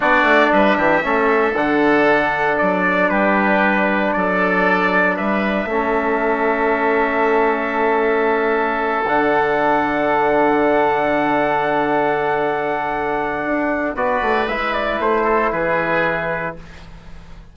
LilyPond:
<<
  \new Staff \with { instrumentName = "trumpet" } { \time 4/4 \tempo 4 = 116 d''4 e''2 fis''4~ | fis''4 d''4 b'2 | d''2 e''2~ | e''1~ |
e''4. fis''2~ fis''8~ | fis''1~ | fis''2. d''4 | e''8 d''8 c''4 b'2 | }
  \new Staff \with { instrumentName = "oboe" } { \time 4/4 fis'4 b'8 g'8 a'2~ | a'2 g'2 | a'2 b'4 a'4~ | a'1~ |
a'1~ | a'1~ | a'2. b'4~ | b'4. a'8 gis'2 | }
  \new Staff \with { instrumentName = "trombone" } { \time 4/4 d'2 cis'4 d'4~ | d'1~ | d'2. cis'4~ | cis'1~ |
cis'4. d'2~ d'8~ | d'1~ | d'2. fis'4 | e'1 | }
  \new Staff \with { instrumentName = "bassoon" } { \time 4/4 b8 a8 g8 e8 a4 d4~ | d4 fis4 g2 | fis2 g4 a4~ | a1~ |
a4. d2~ d8~ | d1~ | d2 d'4 b8 a8 | gis4 a4 e2 | }
>>